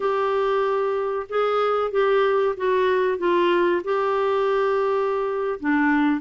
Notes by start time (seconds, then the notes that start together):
0.00 G4
1.29 G#4
1.91 G4
2.56 F#4
3.18 F4
3.84 G4
5.59 D4